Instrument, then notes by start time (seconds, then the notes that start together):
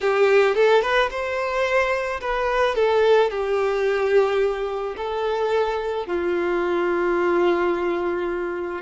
violin
0.00 G4
0.55 A4
0.82 B4
1.10 C5
2.20 B4
2.75 A4
3.30 G4
4.97 A4
6.07 F4